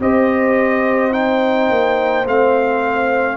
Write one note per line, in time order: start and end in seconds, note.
0.00 1.70 C4
0.00 1.12 G4
0.00 3.37 C5
0.00 1.13 D#5
1.12 2.26 D#4
1.12 2.26 G5
1.70 2.26 A#3
2.26 3.37 A3
2.26 3.37 C4
2.26 3.37 F5